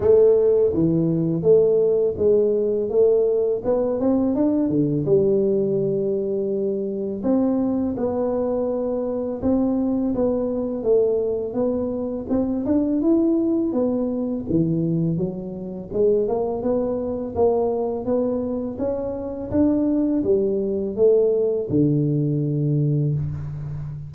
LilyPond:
\new Staff \with { instrumentName = "tuba" } { \time 4/4 \tempo 4 = 83 a4 e4 a4 gis4 | a4 b8 c'8 d'8 d8 g4~ | g2 c'4 b4~ | b4 c'4 b4 a4 |
b4 c'8 d'8 e'4 b4 | e4 fis4 gis8 ais8 b4 | ais4 b4 cis'4 d'4 | g4 a4 d2 | }